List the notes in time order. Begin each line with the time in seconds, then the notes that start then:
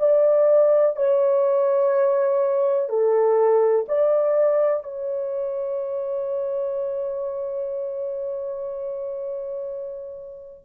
0.00 D5
0.97 C#5
2.90 A4
3.89 D5
4.84 C#5